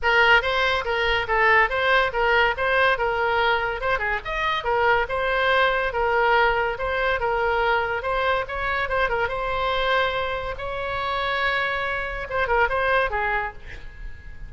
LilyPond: \new Staff \with { instrumentName = "oboe" } { \time 4/4 \tempo 4 = 142 ais'4 c''4 ais'4 a'4 | c''4 ais'4 c''4 ais'4~ | ais'4 c''8 gis'8 dis''4 ais'4 | c''2 ais'2 |
c''4 ais'2 c''4 | cis''4 c''8 ais'8 c''2~ | c''4 cis''2.~ | cis''4 c''8 ais'8 c''4 gis'4 | }